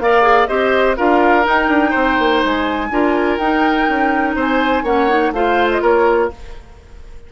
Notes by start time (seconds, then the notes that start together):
0.00 A#3 A#4 D5 F5
0.23 G#4
0.48 C4 G4 C5 D#5
0.97 D4 F4 A#4 F5
1.44 D#4 G5
1.69 D4
1.91 C4 C5
2.19 A#3
2.45 G#3 G#5
2.91 D4 F4 A#4
3.38 D#4 G5
3.89 C#4
4.36 C4 C5 G#5
4.83 A#3 C#4 C#5 F#5
5.09 D#4
5.31 A3 F4 C5 F5
5.71 D#5
5.82 A#3 A#4 C#5